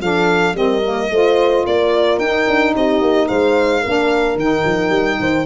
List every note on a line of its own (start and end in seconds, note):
0.00 0.54 F3
0.00 0.55 D4
0.00 0.56 A4
0.00 0.56 F5
0.54 1.08 G3
0.54 0.82 C4
0.54 1.12 A#4
0.54 1.65 D#5
0.82 1.10 A#3
1.10 1.65 A3
1.10 2.21 F4
1.10 1.65 C5
1.65 2.18 A#3
1.65 2.74 A#4
1.65 2.19 D5
2.18 2.45 D#4
2.18 3.85 D#4
2.18 2.73 G5
2.47 2.74 D4
2.75 3.01 C4
2.75 3.27 G4
2.75 3.27 D#5
3.01 3.28 A#3
3.27 3.84 G#3
3.27 3.80 C5
3.27 4.37 F5
3.80 4.35 A#3
3.80 4.39 D4
3.80 5.17 A#4
4.35 4.62 D#3
4.35 5.45 D#4
4.35 5.45 G5
4.65 4.89 F3
4.89 5.16 G3
5.19 5.45 D#3
5.19 5.45 C5